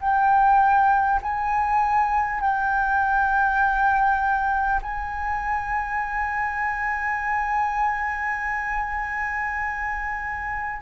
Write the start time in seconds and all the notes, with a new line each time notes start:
0.00 G5
1.22 G#5
2.40 G5
4.82 G#5